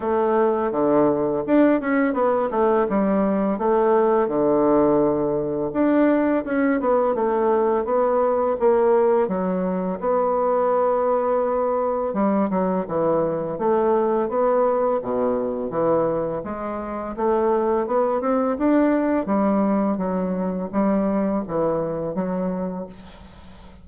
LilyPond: \new Staff \with { instrumentName = "bassoon" } { \time 4/4 \tempo 4 = 84 a4 d4 d'8 cis'8 b8 a8 | g4 a4 d2 | d'4 cis'8 b8 a4 b4 | ais4 fis4 b2~ |
b4 g8 fis8 e4 a4 | b4 b,4 e4 gis4 | a4 b8 c'8 d'4 g4 | fis4 g4 e4 fis4 | }